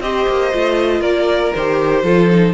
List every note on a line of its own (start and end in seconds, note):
0.00 0.25 C4
0.00 0.52 G4
0.00 1.01 C5
0.00 1.01 D#5
0.28 0.53 A#3
0.52 1.00 A3
0.52 1.53 F4
1.00 1.51 A#3
1.00 2.02 A#4
1.00 1.52 D5
1.54 2.03 D#3
1.54 2.04 G4
1.54 2.54 C5
2.03 2.54 F3
2.03 2.29 F4
2.03 2.54 A4
2.30 2.54 D#4